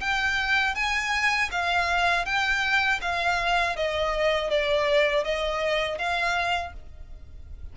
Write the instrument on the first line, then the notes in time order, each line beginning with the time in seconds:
violin
0.00 G5
0.75 G#5
1.51 F5
2.25 G5
3.01 F5
3.76 D#5
4.50 D5
5.24 D#5
5.98 F5